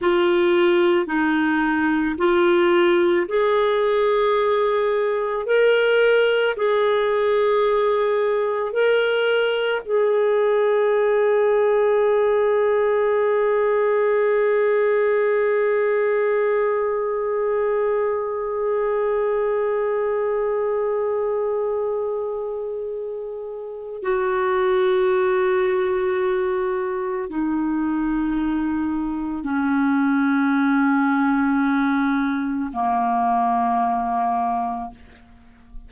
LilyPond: \new Staff \with { instrumentName = "clarinet" } { \time 4/4 \tempo 4 = 55 f'4 dis'4 f'4 gis'4~ | gis'4 ais'4 gis'2 | ais'4 gis'2.~ | gis'1~ |
gis'1~ | gis'2 fis'2~ | fis'4 dis'2 cis'4~ | cis'2 ais2 | }